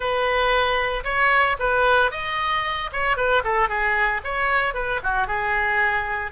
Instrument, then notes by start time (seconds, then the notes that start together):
oboe
0.00 B4
1.04 C#5
1.59 B4
2.11 D#5
2.92 C#5
3.16 B4
3.44 A4
3.68 G#4
4.24 C#5
4.74 B4
5.03 F#4
5.27 G#4